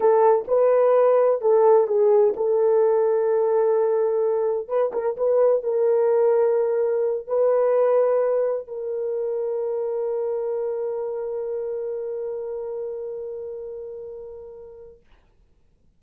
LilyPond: \new Staff \with { instrumentName = "horn" } { \time 4/4 \tempo 4 = 128 a'4 b'2 a'4 | gis'4 a'2.~ | a'2 b'8 ais'8 b'4 | ais'2.~ ais'8 b'8~ |
b'2~ b'8 ais'4.~ | ais'1~ | ais'1~ | ais'1 | }